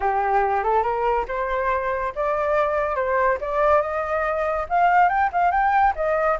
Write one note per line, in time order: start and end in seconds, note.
0.00 0.63 G4
0.63 0.82 A4
0.82 1.25 A#4
1.28 2.13 C5
2.15 2.95 D5
2.95 3.38 C5
3.40 3.81 D5
3.81 4.66 D#5
4.69 5.09 F5
5.09 5.30 G5
5.32 5.51 F5
5.51 5.93 G5
5.95 6.38 D#5